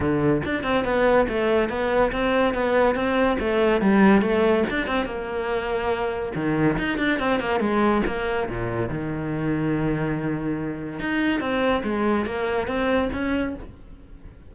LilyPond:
\new Staff \with { instrumentName = "cello" } { \time 4/4 \tempo 4 = 142 d4 d'8 c'8 b4 a4 | b4 c'4 b4 c'4 | a4 g4 a4 d'8 c'8 | ais2. dis4 |
dis'8 d'8 c'8 ais8 gis4 ais4 | ais,4 dis2.~ | dis2 dis'4 c'4 | gis4 ais4 c'4 cis'4 | }